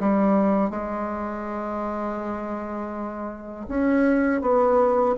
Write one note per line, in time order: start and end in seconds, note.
0.00 0.70 G3
0.70 3.66 G#3
3.68 4.41 C#4
4.41 5.15 B3